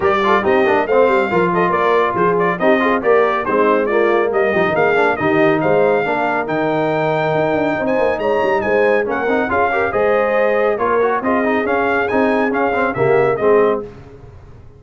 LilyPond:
<<
  \new Staff \with { instrumentName = "trumpet" } { \time 4/4 \tempo 4 = 139 d''4 dis''4 f''4. dis''8 | d''4 c''8 d''8 dis''4 d''4 | c''4 d''4 dis''4 f''4 | dis''4 f''2 g''4~ |
g''2~ g''16 gis''8. ais''4 | gis''4 fis''4 f''4 dis''4~ | dis''4 cis''4 dis''4 f''4 | gis''4 f''4 e''4 dis''4 | }
  \new Staff \with { instrumentName = "horn" } { \time 4/4 ais'8 a'8 g'4 c''4 ais'8 a'8 | ais'4 gis'4 g'8 gis'8 ais'4 | dis'4 f'4 ais'8 g'8 gis'4 | g'4 c''4 ais'2~ |
ais'2 c''4 cis''4 | c''4 ais'4 gis'8 ais'8 c''4~ | c''4 ais'4 gis'2~ | gis'2 g'4 gis'4 | }
  \new Staff \with { instrumentName = "trombone" } { \time 4/4 g'8 f'8 dis'8 d'8 c'4 f'4~ | f'2 dis'8 f'8 g'4 | c'4 ais4. dis'4 d'8 | dis'2 d'4 dis'4~ |
dis'1~ | dis'4 cis'8 dis'8 f'8 g'8 gis'4~ | gis'4 f'8 fis'8 f'8 dis'8 cis'4 | dis'4 cis'8 c'8 ais4 c'4 | }
  \new Staff \with { instrumentName = "tuba" } { \time 4/4 g4 c'8 ais8 a8 g8 f4 | ais4 f4 c'4 ais4 | gis2 g8 f16 dis16 ais4 | dis4 gis4 ais4 dis4~ |
dis4 dis'8 d'8 c'8 ais8 gis8 g8 | gis4 ais8 c'8 cis'4 gis4~ | gis4 ais4 c'4 cis'4 | c'4 cis'4 cis4 gis4 | }
>>